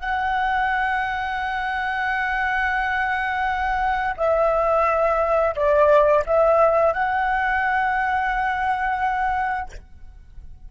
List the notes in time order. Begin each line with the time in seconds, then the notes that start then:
0.00 F#5
4.17 E5
5.55 D5
6.26 E5
6.93 F#5